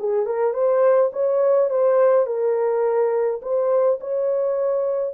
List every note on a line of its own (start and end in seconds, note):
0.00 0.26 G#4
0.26 0.54 A#4
0.54 1.11 C5
1.13 1.70 C#5
1.70 2.27 C5
2.27 3.41 A#4
3.42 3.99 C5
4.01 5.15 C#5